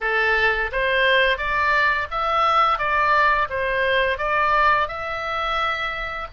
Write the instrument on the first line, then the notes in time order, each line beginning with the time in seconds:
oboe
0.00 A4
0.72 C5
1.37 D5
2.11 E5
2.78 D5
3.49 C5
4.18 D5
4.87 E5